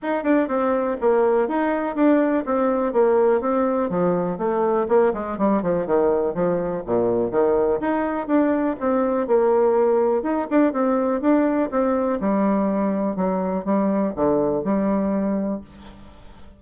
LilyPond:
\new Staff \with { instrumentName = "bassoon" } { \time 4/4 \tempo 4 = 123 dis'8 d'8 c'4 ais4 dis'4 | d'4 c'4 ais4 c'4 | f4 a4 ais8 gis8 g8 f8 | dis4 f4 ais,4 dis4 |
dis'4 d'4 c'4 ais4~ | ais4 dis'8 d'8 c'4 d'4 | c'4 g2 fis4 | g4 d4 g2 | }